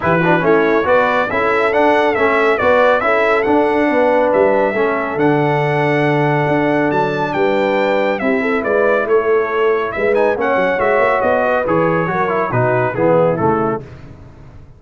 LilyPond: <<
  \new Staff \with { instrumentName = "trumpet" } { \time 4/4 \tempo 4 = 139 b'4 cis''4 d''4 e''4 | fis''4 e''4 d''4 e''4 | fis''2 e''2 | fis''1 |
a''4 g''2 e''4 | d''4 cis''2 e''8 gis''8 | fis''4 e''4 dis''4 cis''4~ | cis''4 b'4 gis'4 a'4 | }
  \new Staff \with { instrumentName = "horn" } { \time 4/4 g'8 fis'8 e'4 b'4 a'4~ | a'2 b'4 a'4~ | a'4 b'2 a'4~ | a'1~ |
a'4 b'2 g'8 a'8 | b'4 a'2 b'4 | cis''2~ cis''8 b'4. | ais'4 fis'4 e'2 | }
  \new Staff \with { instrumentName = "trombone" } { \time 4/4 e'8 d'8 cis'4 fis'4 e'4 | d'4 cis'4 fis'4 e'4 | d'2. cis'4 | d'1~ |
d'2. e'4~ | e'2.~ e'8 dis'8 | cis'4 fis'2 gis'4 | fis'8 e'8 dis'4 b4 a4 | }
  \new Staff \with { instrumentName = "tuba" } { \time 4/4 e4 a4 b4 cis'4 | d'4 a4 b4 cis'4 | d'4 b4 g4 a4 | d2. d'4 |
fis4 g2 c'4 | gis4 a2 gis4 | ais8 fis8 gis8 ais8 b4 e4 | fis4 b,4 e4 cis4 | }
>>